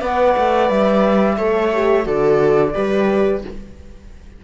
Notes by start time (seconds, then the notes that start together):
0.00 B3 B4 D5 F#5
0.37 A3
0.69 G3 E5
1.37 A3 A4 C#5
1.73 G4
2.03 D3 F#4 A4 D5
2.73 G3 G4 B4